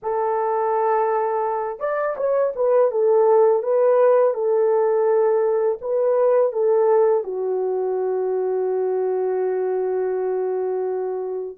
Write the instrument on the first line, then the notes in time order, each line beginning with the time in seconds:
horn
0.02 A4
1.79 D5
2.17 C#5
2.55 B4
2.91 A4
3.62 B4
4.34 A4
5.81 B4
6.52 A4
7.23 F#4